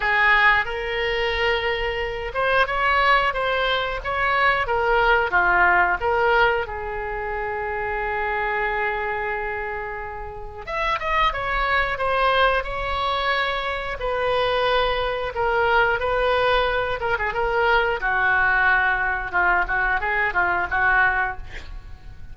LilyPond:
\new Staff \with { instrumentName = "oboe" } { \time 4/4 \tempo 4 = 90 gis'4 ais'2~ ais'8 c''8 | cis''4 c''4 cis''4 ais'4 | f'4 ais'4 gis'2~ | gis'1 |
e''8 dis''8 cis''4 c''4 cis''4~ | cis''4 b'2 ais'4 | b'4. ais'16 gis'16 ais'4 fis'4~ | fis'4 f'8 fis'8 gis'8 f'8 fis'4 | }